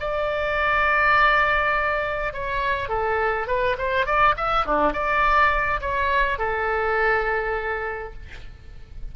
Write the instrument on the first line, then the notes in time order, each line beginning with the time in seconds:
oboe
0.00 D5
2.33 C#5
2.89 A4
3.47 B4
3.78 C5
4.06 D5
4.37 E5
4.65 D4
4.93 D5
5.81 C#5
6.38 A4